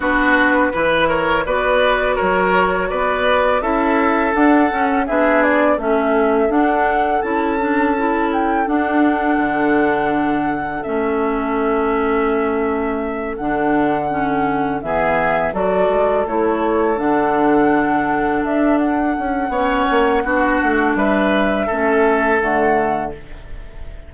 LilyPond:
<<
  \new Staff \with { instrumentName = "flute" } { \time 4/4 \tempo 4 = 83 b'4. cis''8 d''4 cis''4 | d''4 e''4 fis''4 e''8 d''8 | e''4 fis''4 a''4. g''8 | fis''2. e''4~ |
e''2~ e''8 fis''4.~ | fis''8 e''4 d''4 cis''4 fis''8~ | fis''4. e''8 fis''2~ | fis''4 e''2 fis''4 | }
  \new Staff \with { instrumentName = "oboe" } { \time 4/4 fis'4 b'8 ais'8 b'4 ais'4 | b'4 a'2 gis'4 | a'1~ | a'1~ |
a'1~ | a'8 gis'4 a'2~ a'8~ | a'2. cis''4 | fis'4 b'4 a'2 | }
  \new Staff \with { instrumentName = "clarinet" } { \time 4/4 d'4 e'4 fis'2~ | fis'4 e'4 d'8 cis'8 d'4 | cis'4 d'4 e'8 d'8 e'4 | d'2. cis'4~ |
cis'2~ cis'8 d'4 cis'8~ | cis'8 b4 fis'4 e'4 d'8~ | d'2. cis'4 | d'2 cis'4 a4 | }
  \new Staff \with { instrumentName = "bassoon" } { \time 4/4 b4 e4 b4 fis4 | b4 cis'4 d'8 cis'8 b4 | a4 d'4 cis'2 | d'4 d2 a4~ |
a2~ a8 d4.~ | d8 e4 fis8 gis8 a4 d8~ | d4. d'4 cis'8 b8 ais8 | b8 a8 g4 a4 d4 | }
>>